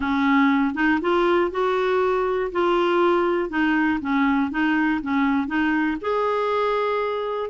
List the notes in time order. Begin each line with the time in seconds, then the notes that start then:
0.00 C#4
0.74 D#4
1.01 F4
1.51 F#4
2.52 F4
3.49 D#4
4.00 C#4
4.50 D#4
5.01 C#4
5.47 D#4
6.01 G#4